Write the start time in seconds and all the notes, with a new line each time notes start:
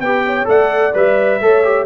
0.00 B3 G4 B4 G5
0.26 C#5
0.45 A3 A4 D5 F#5
0.94 G3 B4 E5
1.41 A3 A4 C#5
1.64 G4